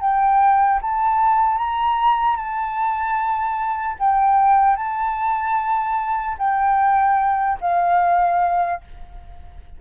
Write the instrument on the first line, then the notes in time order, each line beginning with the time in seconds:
flute
0.00 G5
0.81 A5
1.57 A#5
2.36 A5
3.99 G5
4.76 A5
6.38 G5
7.60 F5